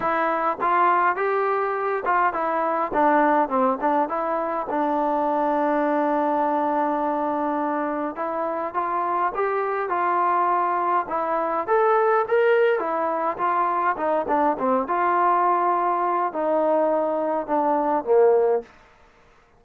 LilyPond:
\new Staff \with { instrumentName = "trombone" } { \time 4/4 \tempo 4 = 103 e'4 f'4 g'4. f'8 | e'4 d'4 c'8 d'8 e'4 | d'1~ | d'2 e'4 f'4 |
g'4 f'2 e'4 | a'4 ais'4 e'4 f'4 | dis'8 d'8 c'8 f'2~ f'8 | dis'2 d'4 ais4 | }